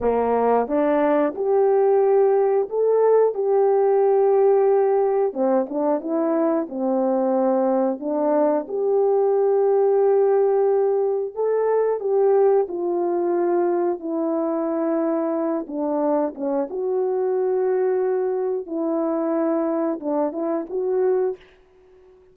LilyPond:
\new Staff \with { instrumentName = "horn" } { \time 4/4 \tempo 4 = 90 ais4 d'4 g'2 | a'4 g'2. | c'8 d'8 e'4 c'2 | d'4 g'2.~ |
g'4 a'4 g'4 f'4~ | f'4 e'2~ e'8 d'8~ | d'8 cis'8 fis'2. | e'2 d'8 e'8 fis'4 | }